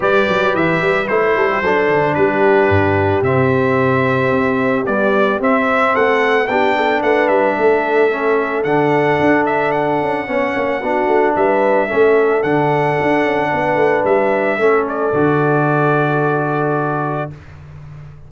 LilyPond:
<<
  \new Staff \with { instrumentName = "trumpet" } { \time 4/4 \tempo 4 = 111 d''4 e''4 c''2 | b'2 e''2~ | e''4 d''4 e''4 fis''4 | g''4 fis''8 e''2~ e''8 |
fis''4. e''8 fis''2~ | fis''4 e''2 fis''4~ | fis''2 e''4. d''8~ | d''1 | }
  \new Staff \with { instrumentName = "horn" } { \time 4/4 b'2~ b'8 a'16 g'16 a'4 | g'1~ | g'2. a'4 | g'8 a'8 b'4 a'2~ |
a'2. cis''4 | fis'4 b'4 a'2~ | a'4 b'2 a'4~ | a'1 | }
  \new Staff \with { instrumentName = "trombone" } { \time 4/4 g'2 e'4 d'4~ | d'2 c'2~ | c'4 g4 c'2 | d'2. cis'4 |
d'2. cis'4 | d'2 cis'4 d'4~ | d'2. cis'4 | fis'1 | }
  \new Staff \with { instrumentName = "tuba" } { \time 4/4 g8 fis8 e8 g8 a8 g8 fis8 d8 | g4 g,4 c2 | c'4 b4 c'4 a4 | b4 a8 g8 a2 |
d4 d'4. cis'8 b8 ais8 | b8 a8 g4 a4 d4 | d'8 cis'8 b8 a8 g4 a4 | d1 | }
>>